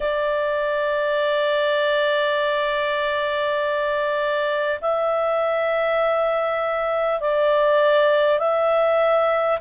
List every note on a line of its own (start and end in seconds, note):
0.00 4.79 D5
4.81 7.20 E5
7.20 8.38 D5
8.38 9.58 E5